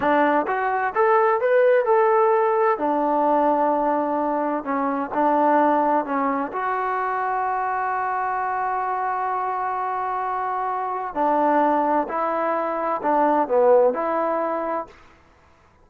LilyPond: \new Staff \with { instrumentName = "trombone" } { \time 4/4 \tempo 4 = 129 d'4 fis'4 a'4 b'4 | a'2 d'2~ | d'2 cis'4 d'4~ | d'4 cis'4 fis'2~ |
fis'1~ | fis'1 | d'2 e'2 | d'4 b4 e'2 | }